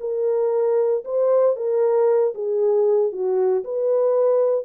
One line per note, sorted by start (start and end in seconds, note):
0.00 1.03 A#4
1.04 1.56 C5
1.56 2.33 A#4
2.34 3.12 G#4
3.12 3.63 F#4
3.64 4.65 B4